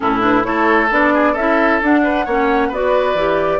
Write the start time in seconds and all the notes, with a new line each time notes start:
0.00 A2 C#4 E4 A4
0.20 D4 B4
0.43 A3 E4 A4 C#5
0.90 B3 D4 D5
1.14 G#4
1.32 C#4 E4 A4 E5
1.82 D4 F#5
2.03 B4
2.25 A#3 C#4 C#5
2.68 B3 F#4 B4 D5
3.14 E3 G4